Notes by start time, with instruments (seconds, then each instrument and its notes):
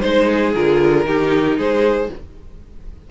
0.00 cello G#3, viola D#4, violin C5
0.27 violin G#4
0.55 cello D3, viola F4, violin A#4
1.06 cello D#3, viola D#4, violin G4
1.57 cello G#3, violin G#4 C5